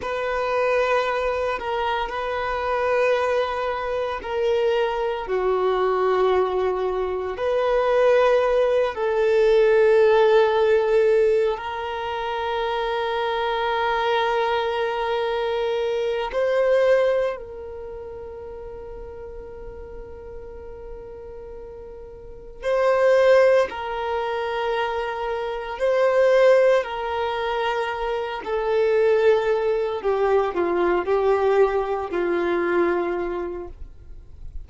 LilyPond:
\new Staff \with { instrumentName = "violin" } { \time 4/4 \tempo 4 = 57 b'4. ais'8 b'2 | ais'4 fis'2 b'4~ | b'8 a'2~ a'8 ais'4~ | ais'2.~ ais'8 c''8~ |
c''8 ais'2.~ ais'8~ | ais'4. c''4 ais'4.~ | ais'8 c''4 ais'4. a'4~ | a'8 g'8 f'8 g'4 f'4. | }